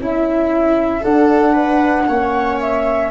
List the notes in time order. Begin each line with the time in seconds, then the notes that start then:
0.00 C#4 E4 E5
1.01 D4 A4 F#5
1.53 B4
2.08 A#3 C#4 C#5
2.60 E5